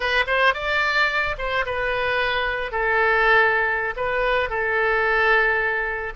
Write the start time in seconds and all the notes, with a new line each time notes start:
0.00 B4
0.27 C5
0.54 D5
1.38 C5
1.65 B4
2.71 A4
3.96 B4
4.49 A4